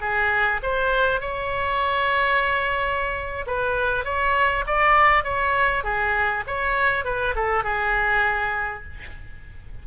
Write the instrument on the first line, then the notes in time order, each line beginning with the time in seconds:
oboe
0.00 G#4
0.62 C5
1.20 C#5
3.46 B4
4.04 C#5
4.66 D5
5.23 C#5
5.83 G#4
6.47 C#5
7.04 B4
7.35 A4
7.63 G#4